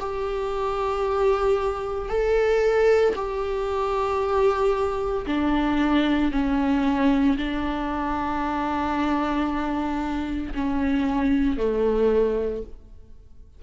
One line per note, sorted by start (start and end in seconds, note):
0.00 2.09 G4
2.09 3.14 A4
3.16 5.26 G4
5.27 6.32 D4
6.32 7.37 C#4
7.38 10.54 D4
10.55 11.58 C#4
11.58 12.63 A3